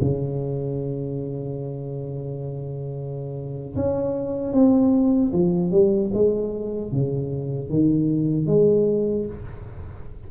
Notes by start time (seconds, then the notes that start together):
0.00 C#3
3.75 C#4
4.53 C4
5.32 F3
5.71 G3
6.13 G#3
6.91 C#3
7.69 D#3
8.46 G#3